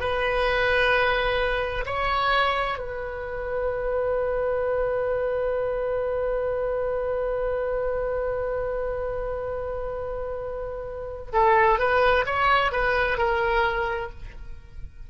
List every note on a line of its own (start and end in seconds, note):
0.00 1.85 B4
1.86 2.78 C#5
2.79 11.32 B4
11.33 11.79 A4
11.79 12.25 B4
12.26 12.72 C#5
12.72 13.18 B4
13.18 14.10 A#4